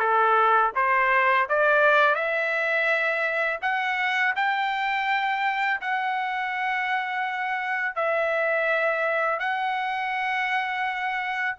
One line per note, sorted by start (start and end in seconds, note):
0.00 0.72 A4
0.76 1.48 C5
1.50 2.15 D5
2.15 3.60 E5
3.62 4.35 F#5
4.36 5.81 G5
5.82 7.96 F#5
7.96 9.40 E5
9.40 11.57 F#5